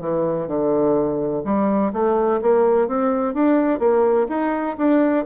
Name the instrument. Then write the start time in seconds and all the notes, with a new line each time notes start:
bassoon
0.00 E3
0.47 D3
1.44 G3
1.92 A3
2.41 A#3
2.87 C4
3.34 D4
3.79 A#3
4.29 D#4
4.77 D4